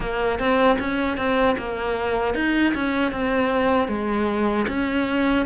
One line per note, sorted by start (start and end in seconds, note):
0.00 0.39 A#3
0.39 0.78 C4
0.79 1.17 C#4
1.17 1.56 C4
1.58 2.34 A#3
2.34 2.73 D#4
2.74 3.11 C#4
3.11 3.87 C4
3.87 4.65 G#3
4.68 5.45 C#4